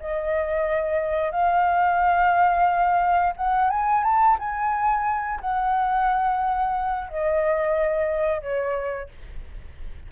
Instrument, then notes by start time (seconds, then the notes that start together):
flute
0.00 D#5
1.31 F5
3.36 F#5
3.70 G#5
4.04 A5
4.39 G#5
5.41 F#5
7.09 D#5
8.41 C#5